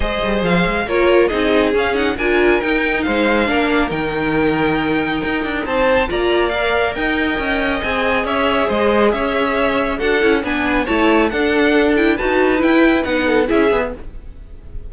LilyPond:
<<
  \new Staff \with { instrumentName = "violin" } { \time 4/4 \tempo 4 = 138 dis''4 f''4 cis''4 dis''4 | f''8 fis''8 gis''4 g''4 f''4~ | f''4 g''2.~ | g''4 a''4 ais''4 f''4 |
g''2 gis''4 e''4 | dis''4 e''2 fis''4 | gis''4 a''4 fis''4. g''8 | a''4 g''4 fis''4 e''4 | }
  \new Staff \with { instrumentName = "violin" } { \time 4/4 c''2 ais'4 gis'4~ | gis'4 ais'2 c''4 | ais'1~ | ais'4 c''4 d''2 |
dis''2. cis''4 | c''4 cis''2 a'4 | b'4 cis''4 a'2 | b'2~ b'8 a'8 gis'4 | }
  \new Staff \with { instrumentName = "viola" } { \time 4/4 gis'2 f'4 dis'4 | cis'8 dis'8 f'4 dis'2 | d'4 dis'2.~ | dis'2 f'4 ais'4~ |
ais'2 gis'2~ | gis'2. fis'8 e'8 | d'4 e'4 d'4. e'8 | fis'4 e'4 dis'4 e'8 gis'8 | }
  \new Staff \with { instrumentName = "cello" } { \time 4/4 gis8 g8 f8 gis8 ais4 c'4 | cis'4 d'4 dis'4 gis4 | ais4 dis2. | dis'8 d'8 c'4 ais2 |
dis'4 cis'4 c'4 cis'4 | gis4 cis'2 d'8 cis'8 | b4 a4 d'2 | dis'4 e'4 b4 cis'8 b8 | }
>>